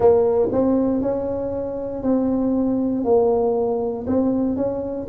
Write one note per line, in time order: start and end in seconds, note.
0.00 0.48 A#3
0.52 1.01 C4
1.01 2.02 C#4
2.02 3.04 C4
3.04 4.05 A#3
4.07 4.56 C4
4.56 5.07 C#4